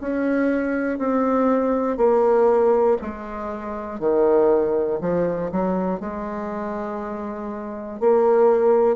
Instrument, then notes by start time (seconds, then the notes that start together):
bassoon
0.00 C#4
0.98 C4
1.97 A#3
3.01 G#3
3.99 D#3
5.00 F3
5.51 F#3
6.00 G#3
8.00 A#3